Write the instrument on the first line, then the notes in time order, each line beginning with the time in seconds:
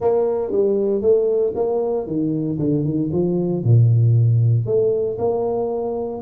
tuba
0.00 A#3
0.51 G3
1.01 A3
1.55 A#3
2.06 D#3
2.58 D3
2.84 D#3
3.12 F3
3.63 A#2
4.66 A3
5.18 A#3